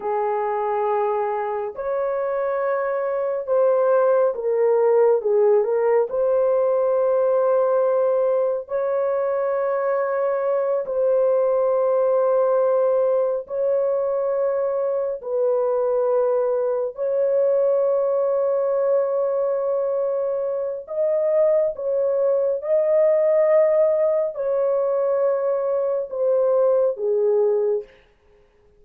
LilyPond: \new Staff \with { instrumentName = "horn" } { \time 4/4 \tempo 4 = 69 gis'2 cis''2 | c''4 ais'4 gis'8 ais'8 c''4~ | c''2 cis''2~ | cis''8 c''2. cis''8~ |
cis''4. b'2 cis''8~ | cis''1 | dis''4 cis''4 dis''2 | cis''2 c''4 gis'4 | }